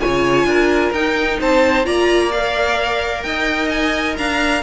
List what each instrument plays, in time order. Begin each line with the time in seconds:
0.00 cello C#3, viola F4, violin C#5 G#5
0.44 cello D4, violin A#4
0.92 cello D#4, viola D#4, violin G5
1.40 cello C4, violin C5 A5
1.84 cello A#3, viola F4, violin D5 A#5
2.31 viola A#4, violin F5
3.22 cello D#4, violin D#5 G5
3.69 violin G#5
4.17 cello D4, violin F5 A#5